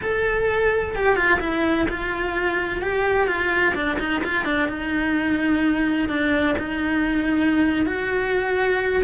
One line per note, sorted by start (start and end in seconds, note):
0.01 0.95 A4
0.95 1.15 G4
1.15 1.39 F4
1.40 1.87 E4
1.89 2.81 F4
2.81 3.27 G4
3.27 3.74 F4
3.74 3.98 D4
3.99 4.22 D#4
4.24 4.44 F4
4.44 4.68 D4
4.68 6.09 D#4
6.09 6.55 D4
6.58 7.86 D#4
7.86 9.03 F#4